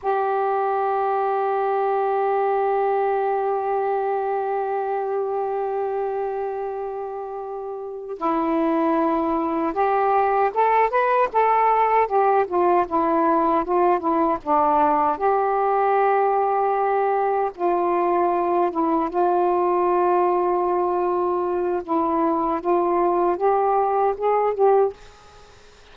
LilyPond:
\new Staff \with { instrumentName = "saxophone" } { \time 4/4 \tempo 4 = 77 g'1~ | g'1~ | g'2~ g'8 e'4.~ | e'8 g'4 a'8 b'8 a'4 g'8 |
f'8 e'4 f'8 e'8 d'4 g'8~ | g'2~ g'8 f'4. | e'8 f'2.~ f'8 | e'4 f'4 g'4 gis'8 g'8 | }